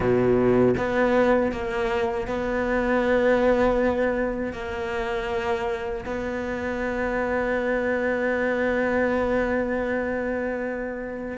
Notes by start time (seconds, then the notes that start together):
0.00 B2
0.77 B3
1.52 A#3
2.27 B3
4.52 A#3
6.06 B3